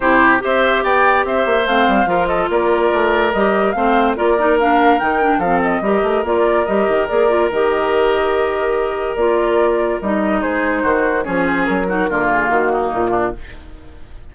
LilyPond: <<
  \new Staff \with { instrumentName = "flute" } { \time 4/4 \tempo 4 = 144 c''4 e''4 g''4 e''4 | f''4. dis''8 d''2 | dis''4 f''4 d''4 f''4 | g''4 f''8 dis''4. d''4 |
dis''4 d''4 dis''2~ | dis''2 d''2 | dis''4 c''2 cis''8 c''8 | ais'4. gis'8 fis'4 f'4 | }
  \new Staff \with { instrumentName = "oboe" } { \time 4/4 g'4 c''4 d''4 c''4~ | c''4 ais'8 a'8 ais'2~ | ais'4 c''4 ais'2~ | ais'4 a'4 ais'2~ |
ais'1~ | ais'1~ | ais'4 gis'4 fis'4 gis'4~ | gis'8 fis'8 f'4. dis'4 d'8 | }
  \new Staff \with { instrumentName = "clarinet" } { \time 4/4 e'4 g'2. | c'4 f'2. | g'4 c'4 f'8 dis'8 d'4 | dis'8 d'8 c'4 g'4 f'4 |
g'4 gis'8 f'8 g'2~ | g'2 f'2 | dis'2. cis'4~ | cis'8 dis'8 ais2. | }
  \new Staff \with { instrumentName = "bassoon" } { \time 4/4 c4 c'4 b4 c'8 ais8 | a8 g8 f4 ais4 a4 | g4 a4 ais2 | dis4 f4 g8 a8 ais4 |
g8 dis8 ais4 dis2~ | dis2 ais2 | g4 gis4 dis4 f4 | fis4 d4 dis4 ais,4 | }
>>